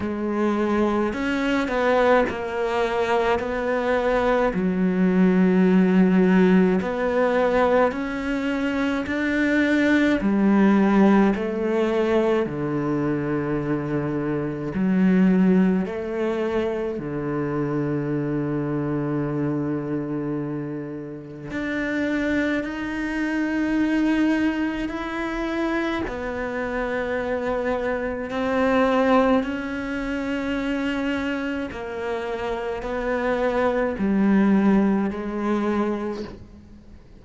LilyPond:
\new Staff \with { instrumentName = "cello" } { \time 4/4 \tempo 4 = 53 gis4 cis'8 b8 ais4 b4 | fis2 b4 cis'4 | d'4 g4 a4 d4~ | d4 fis4 a4 d4~ |
d2. d'4 | dis'2 e'4 b4~ | b4 c'4 cis'2 | ais4 b4 g4 gis4 | }